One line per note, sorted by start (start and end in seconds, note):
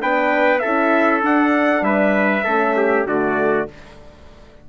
0.00 0.64 B3
0.00 0.61 D4
0.00 0.62 B4
0.00 0.59 G5
0.59 1.23 C#4
0.59 1.22 E4
0.59 1.85 A4
0.59 1.21 E5
1.22 2.45 D4
1.22 1.82 D4
1.22 1.84 F#5
1.82 2.43 G3
1.82 2.44 B4
1.82 3.07 E5
2.44 3.05 A3
2.44 3.08 C#4
2.44 2.75 A4
2.77 3.07 G4
3.05 3.66 D3
3.05 3.69 A3
3.05 3.69 F#4
3.05 3.69 D5